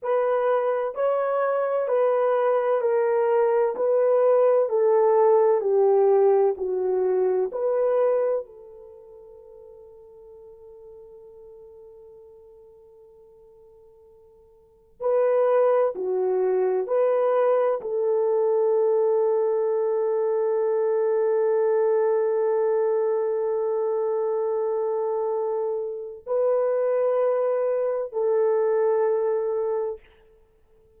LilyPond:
\new Staff \with { instrumentName = "horn" } { \time 4/4 \tempo 4 = 64 b'4 cis''4 b'4 ais'4 | b'4 a'4 g'4 fis'4 | b'4 a'2.~ | a'1 |
b'4 fis'4 b'4 a'4~ | a'1~ | a'1 | b'2 a'2 | }